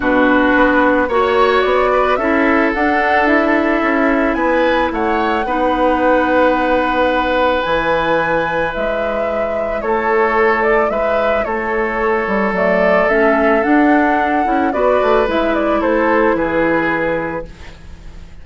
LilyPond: <<
  \new Staff \with { instrumentName = "flute" } { \time 4/4 \tempo 4 = 110 b'2 cis''4 d''4 | e''4 fis''4 e''2 | gis''4 fis''2.~ | fis''2 gis''2 |
e''2 cis''4. d''8 | e''4 cis''2 d''4 | e''4 fis''2 d''4 | e''8 d''8 c''4 b'2 | }
  \new Staff \with { instrumentName = "oboe" } { \time 4/4 fis'2 cis''4. b'8 | a'1 | b'4 cis''4 b'2~ | b'1~ |
b'2 a'2 | b'4 a'2.~ | a'2. b'4~ | b'4 a'4 gis'2 | }
  \new Staff \with { instrumentName = "clarinet" } { \time 4/4 d'2 fis'2 | e'4 d'4 e'2~ | e'2 dis'2~ | dis'2 e'2~ |
e'1~ | e'2. a4 | cis'4 d'4. e'8 fis'4 | e'1 | }
  \new Staff \with { instrumentName = "bassoon" } { \time 4/4 b,4 b4 ais4 b4 | cis'4 d'2 cis'4 | b4 a4 b2~ | b2 e2 |
gis2 a2 | gis4 a4. g8 fis4 | a4 d'4. cis'8 b8 a8 | gis4 a4 e2 | }
>>